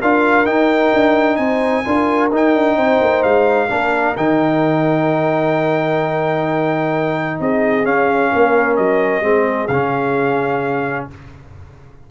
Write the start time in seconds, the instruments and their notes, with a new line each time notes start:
0.00 tuba D4, trombone F4, horn A#4, trumpet F5
0.45 trombone D#4, tuba D#4, trumpet G5
0.93 tuba D4
1.36 tuba C4, horn C5, trumpet G#5
1.84 tuba D4, trombone F4, horn A#4
2.31 tuba D#4, trombone D#4, trumpet G5
2.54 tuba D4
2.76 tuba C4, horn C5
3.01 tuba A#3
3.23 tuba G#3, trumpet F5
3.67 tuba A#3, trombone D4, horn A#4
4.17 tuba D#3, trombone D#4, trumpet G5
7.40 tuba C4, horn G#4, trumpet D#5
7.84 trombone C#4, tuba C#4, trumpet F5
8.31 tuba A#3, horn A#4
8.76 tuba F#3, trumpet D#5
9.21 tuba G#3, trombone C4, horn G#4
9.67 tuba C#3, trombone C#4, trumpet F5